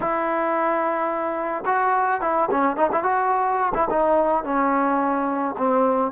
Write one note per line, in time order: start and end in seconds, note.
0.00 1.64 E4
1.65 2.21 F#4
2.21 2.48 E4
2.51 2.76 C#4
2.76 2.90 D#4
2.92 3.03 E4
3.03 3.72 F#4
3.74 3.88 E4
3.90 4.44 D#4
4.44 5.55 C#4
5.57 6.11 C4